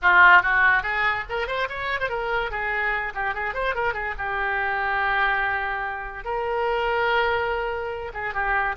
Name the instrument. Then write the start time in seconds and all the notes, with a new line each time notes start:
oboe
0.02 F4
0.42 F#4
0.82 G#4
1.29 A#4
1.47 C5
1.69 C#5
2.00 C5
2.09 A#4
2.50 G#4
3.14 G4
3.34 G#4
3.54 C5
3.75 A#4
3.93 G#4
4.18 G4
6.24 A#4
8.13 G#4
8.34 G4